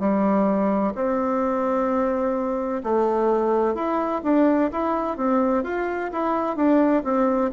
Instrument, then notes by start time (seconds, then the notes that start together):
bassoon
0.00 G3
0.95 C4
2.84 A3
3.75 E4
4.24 D4
4.72 E4
5.18 C4
5.64 F4
6.13 E4
6.57 D4
7.04 C4